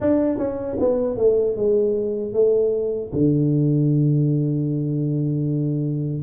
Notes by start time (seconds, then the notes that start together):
0.00 D4
0.38 C#4
0.79 B3
1.17 A3
1.55 G#3
2.33 A3
3.12 D3